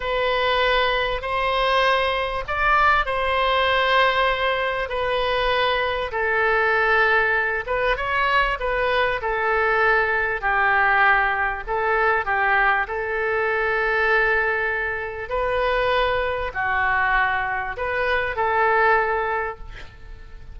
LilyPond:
\new Staff \with { instrumentName = "oboe" } { \time 4/4 \tempo 4 = 98 b'2 c''2 | d''4 c''2. | b'2 a'2~ | a'8 b'8 cis''4 b'4 a'4~ |
a'4 g'2 a'4 | g'4 a'2.~ | a'4 b'2 fis'4~ | fis'4 b'4 a'2 | }